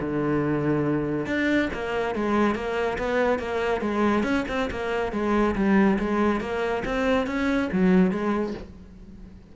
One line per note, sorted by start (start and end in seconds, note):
0.00 1.26 D3
1.26 1.69 D4
1.73 2.15 A#3
2.15 2.55 G#3
2.55 2.98 A#3
2.98 3.39 B3
3.39 3.81 A#3
3.81 4.23 G#3
4.23 4.45 C#4
4.48 4.70 C4
4.70 5.12 A#3
5.12 5.55 G#3
5.55 5.98 G3
5.99 6.41 G#3
6.41 6.84 A#3
6.85 7.26 C4
7.26 7.69 C#4
7.72 8.11 F#3
8.11 8.54 G#3